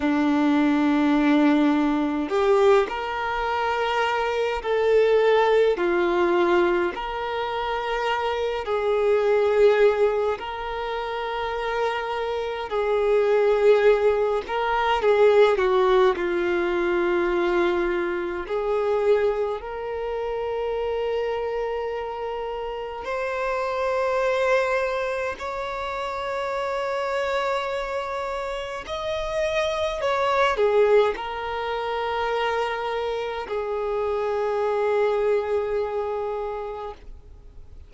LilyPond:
\new Staff \with { instrumentName = "violin" } { \time 4/4 \tempo 4 = 52 d'2 g'8 ais'4. | a'4 f'4 ais'4. gis'8~ | gis'4 ais'2 gis'4~ | gis'8 ais'8 gis'8 fis'8 f'2 |
gis'4 ais'2. | c''2 cis''2~ | cis''4 dis''4 cis''8 gis'8 ais'4~ | ais'4 gis'2. | }